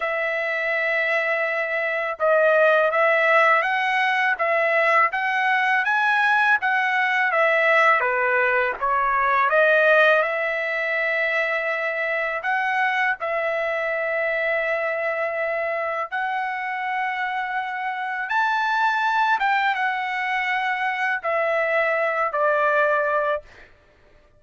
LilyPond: \new Staff \with { instrumentName = "trumpet" } { \time 4/4 \tempo 4 = 82 e''2. dis''4 | e''4 fis''4 e''4 fis''4 | gis''4 fis''4 e''4 b'4 | cis''4 dis''4 e''2~ |
e''4 fis''4 e''2~ | e''2 fis''2~ | fis''4 a''4. g''8 fis''4~ | fis''4 e''4. d''4. | }